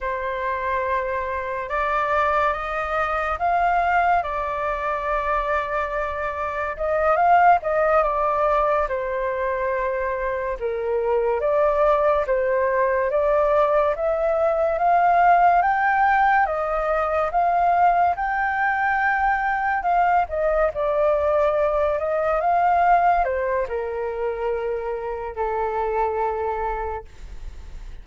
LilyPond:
\new Staff \with { instrumentName = "flute" } { \time 4/4 \tempo 4 = 71 c''2 d''4 dis''4 | f''4 d''2. | dis''8 f''8 dis''8 d''4 c''4.~ | c''8 ais'4 d''4 c''4 d''8~ |
d''8 e''4 f''4 g''4 dis''8~ | dis''8 f''4 g''2 f''8 | dis''8 d''4. dis''8 f''4 c''8 | ais'2 a'2 | }